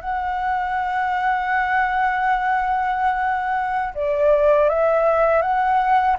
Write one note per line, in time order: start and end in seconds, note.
0.00 3.94 F#5
3.94 4.68 D5
4.68 5.41 E5
5.41 6.16 F#5